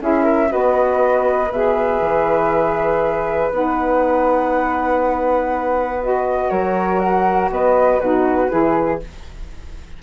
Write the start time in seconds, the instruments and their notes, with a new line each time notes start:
0.00 bassoon C#4, saxophone E4, flute G#4 E5
0.23 flute A#4
0.48 saxophone F#4, flute B4 D#5
0.54 bassoon B3
1.51 bassoon B2, saxophone G#4, flute E5
2.00 bassoon E3
3.51 bassoon B3, saxophone D#4, flute F#5
6.01 saxophone F#4, flute D#5
6.49 bassoon F#3, flute A#4 C#5
6.99 flute F#5
7.50 bassoon B3, flute B4 D#5
7.99 bassoon B2, saxophone D#4, flute F#4 B4
8.49 bassoon E3, saxophone E4, flute G#4